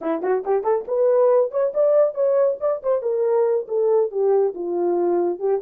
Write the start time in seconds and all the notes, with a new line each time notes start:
0.01 E4
0.22 F#4
0.45 G4
0.63 A4
0.87 B4
1.51 C#5
1.74 D5
2.14 C#5
2.60 D5
2.82 C5
3.02 A#4
3.67 A4
4.11 G4
4.54 F4
5.39 G4